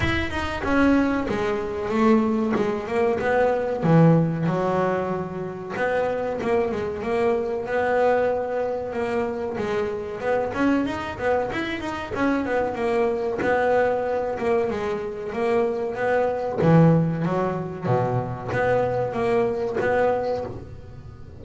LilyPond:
\new Staff \with { instrumentName = "double bass" } { \time 4/4 \tempo 4 = 94 e'8 dis'8 cis'4 gis4 a4 | gis8 ais8 b4 e4 fis4~ | fis4 b4 ais8 gis8 ais4 | b2 ais4 gis4 |
b8 cis'8 dis'8 b8 e'8 dis'8 cis'8 b8 | ais4 b4. ais8 gis4 | ais4 b4 e4 fis4 | b,4 b4 ais4 b4 | }